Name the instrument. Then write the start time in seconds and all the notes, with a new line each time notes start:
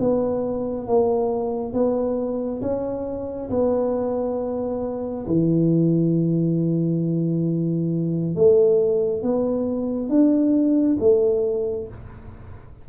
tuba
0.00 B3
0.87 A#3
1.74 B3
2.62 C#4
3.51 B3
5.28 E3
8.36 A3
9.23 B3
10.09 D4
11.00 A3